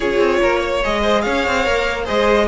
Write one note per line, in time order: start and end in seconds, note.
0.00 0.18 C#4
0.00 0.82 F4
0.00 0.39 G#4
0.00 0.82 C#5
0.18 0.39 C4
0.41 0.84 A#3
0.41 0.59 A#4
0.59 1.01 C#5
0.83 1.26 G#3
0.83 1.64 G#4
0.83 1.21 D#5
1.01 1.22 C5
1.21 1.46 C#4
1.21 2.04 C#5
1.21 2.04 F5
1.47 1.66 C4
1.64 2.08 A#3
1.64 2.04 A#4
2.04 2.47 G#3
2.04 2.45 G#4
2.04 2.45 C5
2.04 2.47 D#5